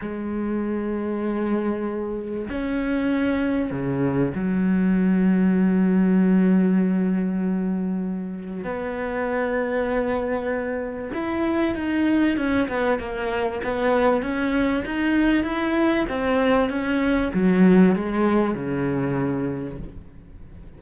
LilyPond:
\new Staff \with { instrumentName = "cello" } { \time 4/4 \tempo 4 = 97 gis1 | cis'2 cis4 fis4~ | fis1~ | fis2 b2~ |
b2 e'4 dis'4 | cis'8 b8 ais4 b4 cis'4 | dis'4 e'4 c'4 cis'4 | fis4 gis4 cis2 | }